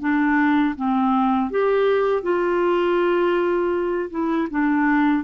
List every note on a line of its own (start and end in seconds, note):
0.00 0.75 D4
0.76 1.51 C4
1.51 2.23 G4
2.23 4.10 F4
4.11 4.48 E4
4.51 5.24 D4